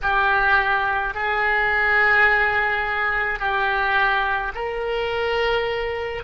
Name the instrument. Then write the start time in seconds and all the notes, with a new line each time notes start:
oboe
0.02 G4
1.14 G#4
3.39 G4
4.54 A#4